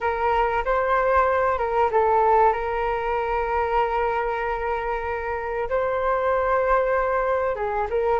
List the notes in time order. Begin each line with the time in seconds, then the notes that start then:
0.01 A#4
0.64 C5
1.58 A#4
1.91 A4
2.53 A#4
5.69 C5
7.55 G#4
7.89 A#4